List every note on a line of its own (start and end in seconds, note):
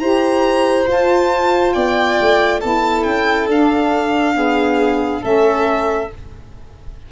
0.00 0.87 E4
0.00 0.87 G4
0.00 1.75 C5
0.00 0.87 A#5
0.87 2.61 F4
0.87 1.74 F4
0.87 1.74 A5
1.74 2.20 B3
1.74 2.60 D5
1.74 2.61 G5
2.21 2.64 A3
2.60 3.06 B3
2.60 3.49 E4
2.60 4.34 A4
2.60 3.04 A5
3.04 3.48 C#4
3.04 3.47 G5
3.48 5.22 D4
3.48 5.25 F5
3.54 4.34 D4
4.34 5.21 B3
4.34 5.22 G#4
5.22 6.11 A3
5.22 6.09 C#4
5.22 6.09 A4
5.22 6.12 E5